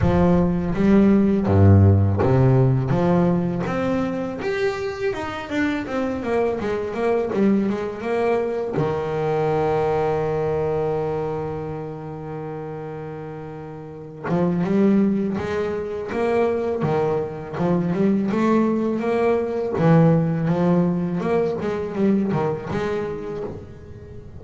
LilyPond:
\new Staff \with { instrumentName = "double bass" } { \time 4/4 \tempo 4 = 82 f4 g4 g,4 c4 | f4 c'4 g'4 dis'8 d'8 | c'8 ais8 gis8 ais8 g8 gis8 ais4 | dis1~ |
dis2.~ dis8 f8 | g4 gis4 ais4 dis4 | f8 g8 a4 ais4 e4 | f4 ais8 gis8 g8 dis8 gis4 | }